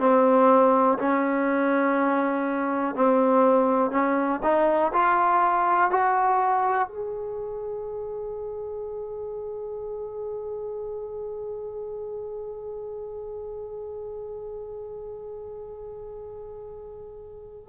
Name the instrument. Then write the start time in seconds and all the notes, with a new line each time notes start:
trombone
0.00 C4
0.99 C#4
2.96 C4
3.91 C#4
4.43 D#4
4.93 F4
5.91 F#4
6.89 G#4